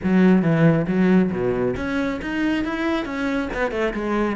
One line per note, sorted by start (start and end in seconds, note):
0.03 0.42 F#3
0.42 0.85 E3
0.87 1.31 F#3
1.31 1.75 B2
1.76 2.20 C#4
2.21 2.64 D#4
2.64 3.05 E4
3.05 3.49 C#4
3.53 3.71 B3
3.71 3.93 A3
3.93 4.36 G#3